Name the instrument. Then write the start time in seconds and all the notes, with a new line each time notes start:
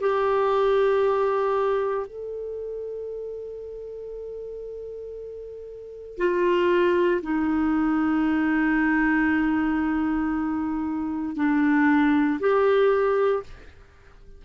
clarinet
0.00 G4
2.06 A4
6.17 F4
7.22 D#4
11.36 D4
12.39 G4